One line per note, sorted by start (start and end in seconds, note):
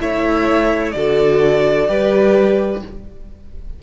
0.00 0.95 A3
0.00 0.94 E4
0.00 0.95 C#5
0.00 0.92 E5
0.92 1.88 D3
0.92 1.88 F#4
0.92 1.89 A4
0.92 2.79 D5
1.88 2.82 G3
1.88 2.81 G4
1.88 2.83 B4